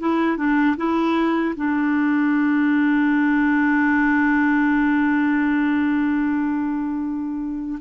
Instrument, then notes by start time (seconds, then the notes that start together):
clarinet
0.00 E4
0.38 D4
0.77 E4
1.56 D4